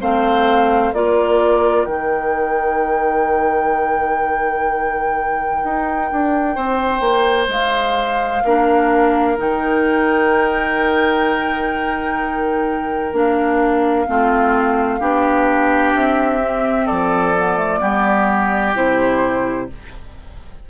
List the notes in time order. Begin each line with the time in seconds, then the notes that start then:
0.00 A3 C4 C5 F5
0.93 A#3 F4 A#4 D5
1.85 D#3 D#4 G5
5.64 D#4
6.12 D4
6.56 C4 C5
7.00 A#3
7.48 G#3 F5
8.44 A#3 D4 A#4
9.37 D#3 D#4 G5
13.13 A#3 D4 F5
14.07 A3 C4 F4
15.00 B3 D4 G4
15.95 C4 E5
16.42 C4
16.86 F3 A4 D5
17.38 B3
17.57 A3
17.79 G3 B3 G4
18.75 C3 E4 C5